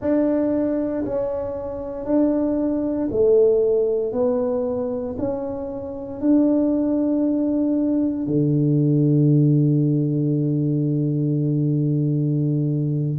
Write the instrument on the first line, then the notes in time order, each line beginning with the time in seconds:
tuba
0.01 D4
1.05 C#4
2.05 D4
3.11 A3
4.12 B3
5.18 C#4
6.20 D4
8.27 D3